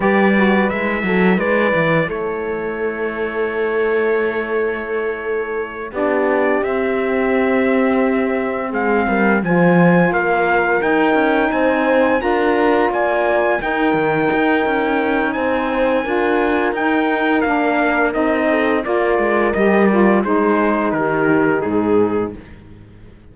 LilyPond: <<
  \new Staff \with { instrumentName = "trumpet" } { \time 4/4 \tempo 4 = 86 d''4 e''4 d''4 cis''4~ | cis''1~ | cis''8 d''4 e''2~ e''8~ | e''8 f''4 gis''4 f''4 g''8~ |
g''8 gis''4 ais''4 gis''4 g''8~ | g''2 gis''2 | g''4 f''4 dis''4 d''4 | dis''8 d''8 c''4 ais'4 gis'4 | }
  \new Staff \with { instrumentName = "horn" } { \time 4/4 b'4. a'8 b'4 a'4~ | a'1~ | a'8 g'2.~ g'8~ | g'8 gis'8 ais'8 c''4 ais'4.~ |
ais'8 c''4 ais'4 d''4 ais'8~ | ais'2 c''4 ais'4~ | ais'2~ ais'8 a'8 ais'4~ | ais'4 gis'4 g'4 gis'4 | }
  \new Staff \with { instrumentName = "saxophone" } { \time 4/4 g'8 fis'8 e'2.~ | e'1~ | e'8 d'4 c'2~ c'8~ | c'4. f'2 dis'8~ |
dis'4. f'2 dis'8~ | dis'2. f'4 | dis'4 d'4 dis'4 f'4 | g'8 f'8 dis'2. | }
  \new Staff \with { instrumentName = "cello" } { \time 4/4 g4 gis8 fis8 gis8 e8 a4~ | a1~ | a8 b4 c'2~ c'8~ | c'8 gis8 g8 f4 ais4 dis'8 |
cis'8 c'4 d'4 ais4 dis'8 | dis8 dis'8 cis'4 c'4 d'4 | dis'4 ais4 c'4 ais8 gis8 | g4 gis4 dis4 gis,4 | }
>>